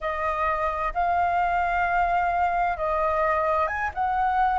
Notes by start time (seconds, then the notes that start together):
0.00 D#5
0.94 F5
2.77 D#5
3.67 G#5
3.94 F#5